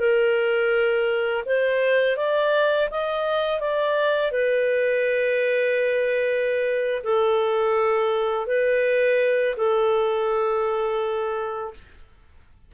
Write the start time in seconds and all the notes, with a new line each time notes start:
0.00 A#4
1.46 C5
2.17 D5
2.91 D#5
3.60 D5
4.32 B4
7.04 A4
8.47 B4
9.57 A4